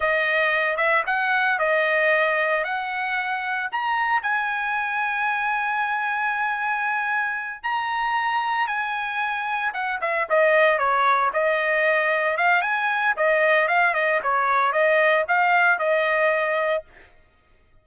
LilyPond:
\new Staff \with { instrumentName = "trumpet" } { \time 4/4 \tempo 4 = 114 dis''4. e''8 fis''4 dis''4~ | dis''4 fis''2 ais''4 | gis''1~ | gis''2~ gis''8 ais''4.~ |
ais''8 gis''2 fis''8 e''8 dis''8~ | dis''8 cis''4 dis''2 f''8 | gis''4 dis''4 f''8 dis''8 cis''4 | dis''4 f''4 dis''2 | }